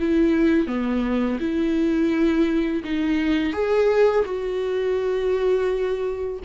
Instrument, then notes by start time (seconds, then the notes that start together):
viola
0.00 E4
0.68 B3
1.40 E4
2.85 D#4
3.53 G#4
4.25 F#4